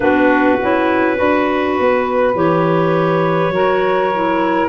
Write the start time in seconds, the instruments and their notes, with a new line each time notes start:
0.00 tuba B3, clarinet D4 B4, saxophone F#4
0.62 tuba C#4, clarinet E4
1.16 tuba D4, clarinet F#4, saxophone B4
1.80 tuba B3
2.34 tuba E3, clarinet G4 C#5
3.49 tuba F#3, clarinet F#4, saxophone A#4
4.13 clarinet E4